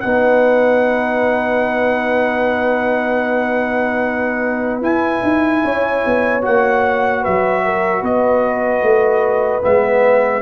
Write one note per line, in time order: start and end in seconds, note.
0.00 4.82 B3
0.00 4.82 D#4
0.00 5.64 B4
0.00 4.80 F#5
4.82 5.22 E4
4.82 6.41 E4
4.82 6.43 G#5
5.23 5.62 D#4
5.64 6.04 C#4
5.64 7.22 C#5
6.06 6.46 B3
6.41 7.26 A#3
6.41 9.61 F#4
6.41 7.24 F#5
7.22 8.02 F#3
7.22 7.62 B4
7.22 8.04 E5
7.65 8.01 A#4
8.01 8.82 B3
8.01 10.41 B4
8.01 9.64 D#5
8.82 9.62 A3
9.62 10.42 G#3
9.62 10.42 B3
9.62 10.42 E5